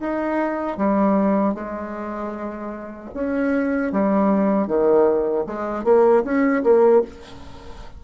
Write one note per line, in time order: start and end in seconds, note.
0.00 0.78 D#4
0.78 1.55 G3
1.55 3.11 G#3
3.15 3.92 C#4
3.93 4.68 G3
4.68 5.45 D#3
5.47 5.84 G#3
5.84 6.23 A#3
6.24 6.63 C#4
6.63 7.02 A#3